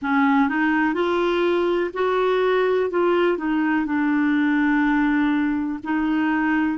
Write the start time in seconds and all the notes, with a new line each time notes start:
0.01 C#4
0.48 D#4
0.94 F4
1.94 F#4
2.90 F4
3.37 D#4
3.85 D4
5.83 D#4